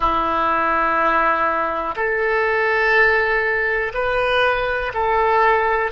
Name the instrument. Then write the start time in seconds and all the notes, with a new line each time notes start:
oboe
0.00 E4
1.96 A4
3.93 B4
4.94 A4